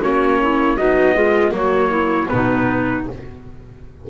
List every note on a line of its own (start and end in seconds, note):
0.00 0.78 A#3
0.00 0.77 C#4
0.00 0.38 F#4
0.00 0.77 C#5
0.42 0.78 E4
0.77 1.15 F#3
0.77 1.52 B3
0.77 1.16 D#4
0.77 1.53 D#5
1.16 1.52 G#3
1.16 1.53 F4
1.52 2.28 F#3
1.52 2.28 A#3
1.52 1.90 F#4
1.52 2.29 C#5
1.90 2.28 E4
2.29 3.09 B2
2.29 3.05 B3
2.29 3.10 D#4
2.29 3.05 B4